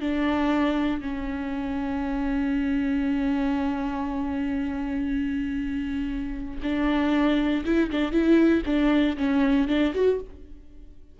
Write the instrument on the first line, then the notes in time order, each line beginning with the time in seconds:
viola
0.00 D4
1.01 C#4
6.62 D4
7.65 E4
7.90 D4
8.11 E4
8.65 D4
9.16 C#4
9.67 D4
9.94 F#4